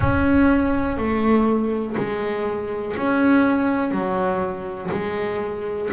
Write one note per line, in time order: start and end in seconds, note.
0.00 0.97 C#4
0.97 1.95 A3
1.97 2.95 G#3
2.96 3.91 C#4
3.91 4.89 F#3
4.91 5.89 G#3